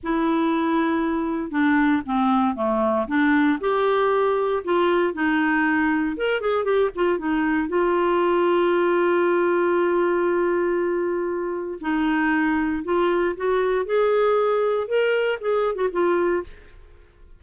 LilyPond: \new Staff \with { instrumentName = "clarinet" } { \time 4/4 \tempo 4 = 117 e'2. d'4 | c'4 a4 d'4 g'4~ | g'4 f'4 dis'2 | ais'8 gis'8 g'8 f'8 dis'4 f'4~ |
f'1~ | f'2. dis'4~ | dis'4 f'4 fis'4 gis'4~ | gis'4 ais'4 gis'8. fis'16 f'4 | }